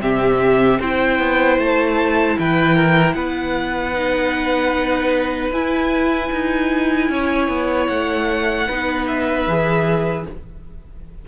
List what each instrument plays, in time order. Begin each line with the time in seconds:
0.00 cello C3, viola C4, violin G4 E5
0.80 cello C4, viola E4, violin C5 G5
1.19 cello B3
1.59 cello A3, violin A5
2.39 cello E3, violin B4 G5
2.76 violin A#4
3.14 cello B3, violin B4 F#5
3.95 viola D#4
5.52 cello E4, viola E4, violin G#5
6.32 cello D#4
7.10 cello C#4, violin C#5
7.49 cello B3
7.87 cello A3, violin F#5
8.68 cello B3, viola D#4, violin B4
9.08 violin E5
9.47 cello E3, viola G#4